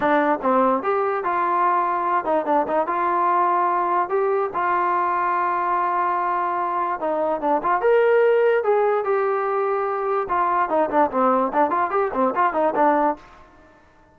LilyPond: \new Staff \with { instrumentName = "trombone" } { \time 4/4 \tempo 4 = 146 d'4 c'4 g'4 f'4~ | f'4. dis'8 d'8 dis'8 f'4~ | f'2 g'4 f'4~ | f'1~ |
f'4 dis'4 d'8 f'8 ais'4~ | ais'4 gis'4 g'2~ | g'4 f'4 dis'8 d'8 c'4 | d'8 f'8 g'8 c'8 f'8 dis'8 d'4 | }